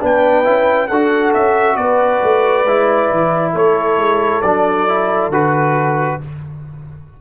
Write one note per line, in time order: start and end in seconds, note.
0.00 0.46 B3
0.00 0.44 D4
0.00 0.88 B4
0.00 0.87 G5
0.44 0.90 C#4
0.44 0.88 E4
0.87 1.34 D4
0.87 2.66 F#4
0.87 1.77 A4
0.87 1.32 F#5
1.33 1.76 C#4
1.33 1.76 E5
1.76 2.20 B3
1.76 3.53 B4
1.76 3.52 D5
2.22 2.65 A3
2.65 3.09 G#3
2.65 4.43 E4
3.11 3.53 E3
3.53 3.97 A3
3.53 6.17 A4
3.53 4.42 C#5
3.97 4.41 G#3
4.42 5.28 F#3
4.42 4.88 D4
4.42 5.30 D5
4.88 5.32 E4
5.28 6.16 D3
5.28 6.20 F#4
5.28 6.21 B4